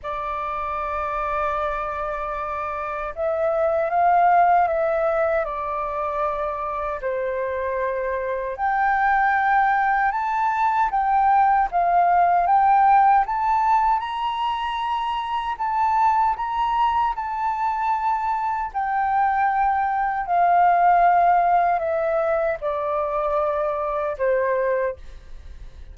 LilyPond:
\new Staff \with { instrumentName = "flute" } { \time 4/4 \tempo 4 = 77 d''1 | e''4 f''4 e''4 d''4~ | d''4 c''2 g''4~ | g''4 a''4 g''4 f''4 |
g''4 a''4 ais''2 | a''4 ais''4 a''2 | g''2 f''2 | e''4 d''2 c''4 | }